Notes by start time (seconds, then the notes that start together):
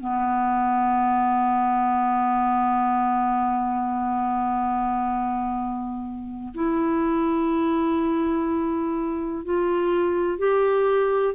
0.00 B3
6.55 E4
9.45 F4
10.39 G4